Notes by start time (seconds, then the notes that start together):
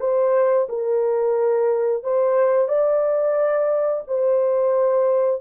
0.00 C5
0.69 A#4
2.03 C5
2.68 D5
4.07 C5